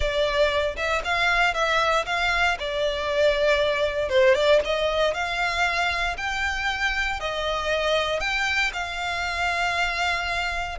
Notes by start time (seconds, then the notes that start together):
0.00 D5
0.76 E5
1.04 F5
1.54 E5
2.06 F5
2.59 D5
4.09 C5
4.34 D5
4.64 D#5
5.14 F5
6.17 G5
7.20 D#5
8.19 G5
8.73 F5